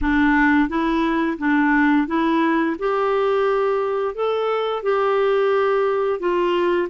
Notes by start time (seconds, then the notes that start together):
0.01 D4
0.68 E4
1.38 D4
2.07 E4
2.78 G4
4.14 A4
4.82 G4
6.19 F4